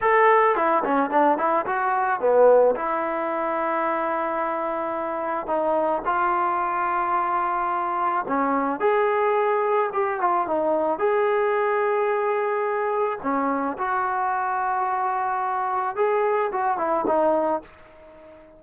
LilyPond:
\new Staff \with { instrumentName = "trombone" } { \time 4/4 \tempo 4 = 109 a'4 e'8 cis'8 d'8 e'8 fis'4 | b4 e'2.~ | e'2 dis'4 f'4~ | f'2. cis'4 |
gis'2 g'8 f'8 dis'4 | gis'1 | cis'4 fis'2.~ | fis'4 gis'4 fis'8 e'8 dis'4 | }